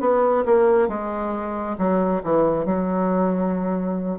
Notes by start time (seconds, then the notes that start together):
0.00 B3
0.45 A#3
0.88 G#3
1.78 F#3
2.23 E3
2.65 F#3